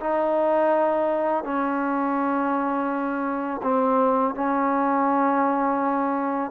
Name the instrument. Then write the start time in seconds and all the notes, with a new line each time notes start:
trombone
0.00 D#4
1.44 C#4
3.63 C4
4.35 C#4